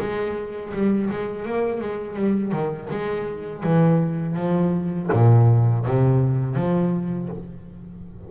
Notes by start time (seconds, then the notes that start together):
0.00 G#3
0.74 G3
1.11 G#3
1.46 A#3
1.81 G#3
2.17 G3
2.52 D#3
2.91 G#3
3.64 E3
4.36 F3
5.13 A#2
5.86 C3
6.56 F3